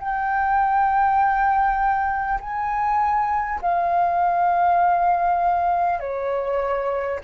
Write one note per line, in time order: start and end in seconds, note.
0.00 2.40 G5
2.41 3.61 G#5
3.62 5.99 F5
5.99 7.19 C#5